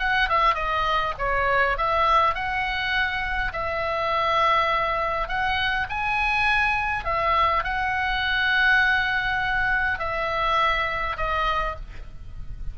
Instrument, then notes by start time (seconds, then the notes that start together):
oboe
0.00 F#5
0.29 E5
0.55 D#5
1.19 C#5
1.78 E5
2.35 F#5
3.53 E5
5.29 F#5
5.90 G#5
7.05 E5
7.64 F#5
9.99 E5
11.17 D#5